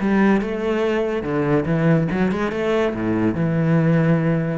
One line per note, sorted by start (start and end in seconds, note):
0.00 0.41 G3
0.41 1.22 A3
1.22 1.64 D3
1.66 2.08 E3
2.11 2.32 F#3
2.32 2.51 G#3
2.51 2.93 A3
2.94 3.35 A2
3.35 4.58 E3